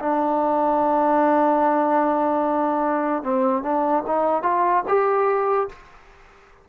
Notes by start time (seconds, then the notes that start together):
0.00 D4
3.23 C4
3.63 D4
4.07 D#4
4.43 F4
4.88 G4